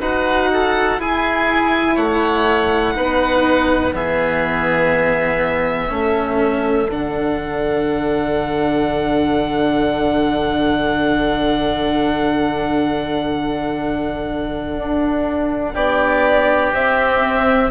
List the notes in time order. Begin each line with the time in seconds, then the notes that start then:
0.00 D#4 F#4 B4 F#5
0.53 A4
0.98 E4 G#4 G#5
1.95 A3 C#5 F#5
2.94 B3 D#4 B4
3.93 E3 B3 G#4 E5
5.89 A3 C#4 A4
6.90 D3 D4 F#5
14.78 D4
15.74 B3 G4 D5
16.73 C4 E5